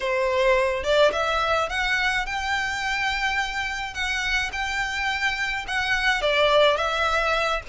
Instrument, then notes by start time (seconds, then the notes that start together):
violin
0.00 C5
0.83 D5
1.12 E5
1.69 F#5
2.26 G5
3.94 F#5
4.52 G5
5.67 F#5
6.21 D5
6.76 E5